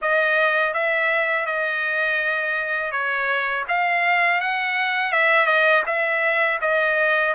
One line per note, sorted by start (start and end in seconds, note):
0.01 0.73 D#5
0.73 1.45 E5
1.45 2.91 D#5
2.91 3.64 C#5
3.68 4.41 F5
4.41 5.12 F#5
5.12 5.46 E5
5.46 5.82 D#5
5.86 6.59 E5
6.61 7.34 D#5